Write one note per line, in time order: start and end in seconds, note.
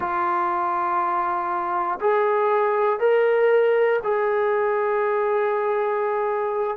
0.00 1.99 F4
2.00 3.00 G#4
3.00 4.00 A#4
4.03 6.77 G#4